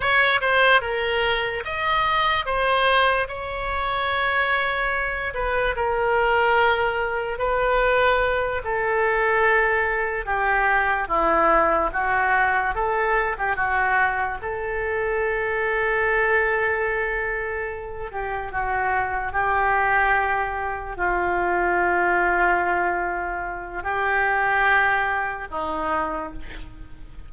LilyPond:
\new Staff \with { instrumentName = "oboe" } { \time 4/4 \tempo 4 = 73 cis''8 c''8 ais'4 dis''4 c''4 | cis''2~ cis''8 b'8 ais'4~ | ais'4 b'4. a'4.~ | a'8 g'4 e'4 fis'4 a'8~ |
a'16 g'16 fis'4 a'2~ a'8~ | a'2 g'8 fis'4 g'8~ | g'4. f'2~ f'8~ | f'4 g'2 dis'4 | }